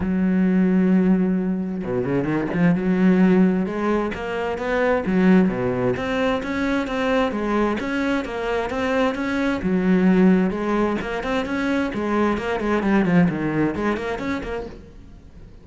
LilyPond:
\new Staff \with { instrumentName = "cello" } { \time 4/4 \tempo 4 = 131 fis1 | b,8 cis8 dis8 f8 fis2 | gis4 ais4 b4 fis4 | b,4 c'4 cis'4 c'4 |
gis4 cis'4 ais4 c'4 | cis'4 fis2 gis4 | ais8 c'8 cis'4 gis4 ais8 gis8 | g8 f8 dis4 gis8 ais8 cis'8 ais8 | }